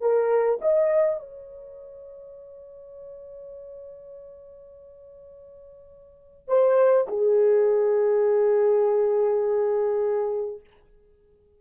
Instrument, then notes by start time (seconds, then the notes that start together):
horn
0.00 A#4
0.61 D#5
1.19 C#5
6.48 C5
7.07 G#4